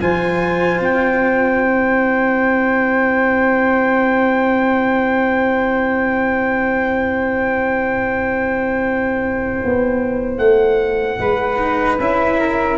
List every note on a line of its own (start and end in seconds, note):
0.00 0.80 F3
0.00 1.61 F4
0.00 11.20 C5
0.00 0.80 G#5
0.80 9.60 C4
0.80 10.38 G5
1.61 11.59 E4
9.64 10.38 B3
10.38 11.18 A3
10.38 11.98 F#5
11.19 11.99 G#3
11.19 12.39 B4
11.59 11.99 D#4
11.99 12.78 C#4
11.99 12.78 E4
11.99 12.78 E5
12.39 12.78 A#4